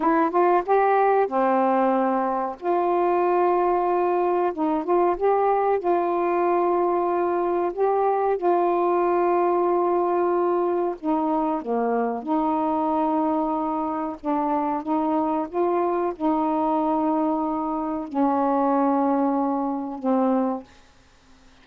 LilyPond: \new Staff \with { instrumentName = "saxophone" } { \time 4/4 \tempo 4 = 93 e'8 f'8 g'4 c'2 | f'2. dis'8 f'8 | g'4 f'2. | g'4 f'2.~ |
f'4 dis'4 ais4 dis'4~ | dis'2 d'4 dis'4 | f'4 dis'2. | cis'2. c'4 | }